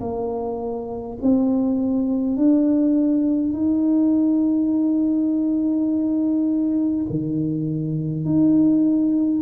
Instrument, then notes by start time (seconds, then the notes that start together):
tuba
0.00 A#3
1.22 C4
2.36 D4
3.53 D#4
7.10 D#3
8.25 D#4